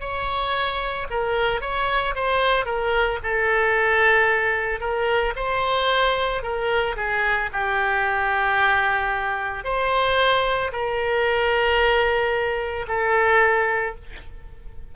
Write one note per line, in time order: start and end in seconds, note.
0.00 1.07 C#5
1.10 1.61 A#4
1.61 2.14 C#5
2.15 2.65 C5
2.65 3.19 A#4
3.23 4.80 A4
4.80 5.34 A#4
5.36 6.42 C5
6.42 6.96 A#4
6.96 7.50 G#4
7.52 9.64 G4
9.64 10.71 C5
10.72 12.86 A#4
12.88 13.95 A4